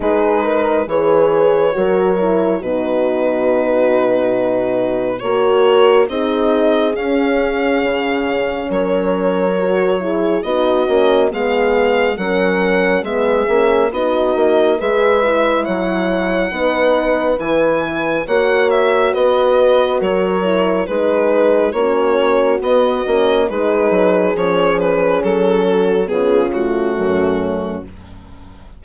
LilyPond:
<<
  \new Staff \with { instrumentName = "violin" } { \time 4/4 \tempo 4 = 69 b'4 cis''2 b'4~ | b'2 cis''4 dis''4 | f''2 cis''2 | dis''4 f''4 fis''4 e''4 |
dis''4 e''4 fis''2 | gis''4 fis''8 e''8 dis''4 cis''4 | b'4 cis''4 dis''4 b'4 | cis''8 b'8 a'4 gis'8 fis'4. | }
  \new Staff \with { instrumentName = "horn" } { \time 4/4 gis'8 ais'8 b'4 ais'4 fis'4~ | fis'2 ais'4 gis'4~ | gis'2 ais'4. gis'8 | fis'4 gis'4 ais'4 gis'4 |
fis'4 b'4 cis''4 b'4~ | b'4 cis''4 b'4 ais'4 | gis'4 fis'2 gis'4~ | gis'4. fis'8 f'4 cis'4 | }
  \new Staff \with { instrumentName = "horn" } { \time 4/4 dis'4 gis'4 fis'8 e'8 dis'4~ | dis'2 fis'4 dis'4 | cis'2. fis'8 e'8 | dis'8 cis'8 b4 cis'4 b8 cis'8 |
dis'4 gis'8 e'4. dis'4 | e'4 fis'2~ fis'8 e'8 | dis'4 cis'4 b8 cis'8 dis'4 | cis'2 b8 a4. | }
  \new Staff \with { instrumentName = "bassoon" } { \time 4/4 gis4 e4 fis4 b,4~ | b,2 ais4 c'4 | cis'4 cis4 fis2 | b8 ais8 gis4 fis4 gis8 ais8 |
b8 ais8 gis4 fis4 b4 | e4 ais4 b4 fis4 | gis4 ais4 b8 ais8 gis8 fis8 | f4 fis4 cis4 fis,4 | }
>>